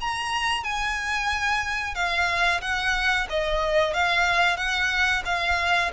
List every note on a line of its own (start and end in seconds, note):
0.00 0.64 A#5
0.64 1.95 G#5
1.95 2.61 F5
2.61 3.27 F#5
3.29 3.94 D#5
3.94 4.57 F5
4.57 5.23 F#5
5.25 5.91 F5